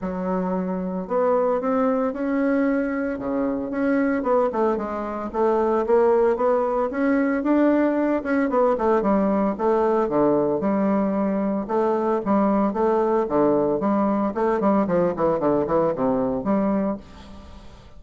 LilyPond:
\new Staff \with { instrumentName = "bassoon" } { \time 4/4 \tempo 4 = 113 fis2 b4 c'4 | cis'2 cis4 cis'4 | b8 a8 gis4 a4 ais4 | b4 cis'4 d'4. cis'8 |
b8 a8 g4 a4 d4 | g2 a4 g4 | a4 d4 g4 a8 g8 | f8 e8 d8 e8 c4 g4 | }